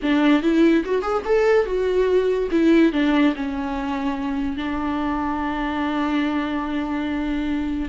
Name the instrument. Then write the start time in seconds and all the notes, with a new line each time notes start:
viola
0.02 D4
0.42 E4
0.84 F#4
1.02 G#4
1.25 A4
1.65 F#4
2.51 E4
2.92 D4
3.35 C#4
4.56 D4